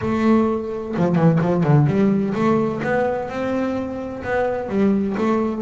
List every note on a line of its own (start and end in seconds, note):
0.01 0.95 A3
0.97 1.15 F3
1.15 1.38 E3
1.41 1.63 F3
1.63 1.86 D3
1.86 2.33 G3
2.34 2.81 A3
2.83 3.29 B3
3.29 4.23 C4
4.23 4.68 B3
4.68 5.15 G3
5.17 5.62 A3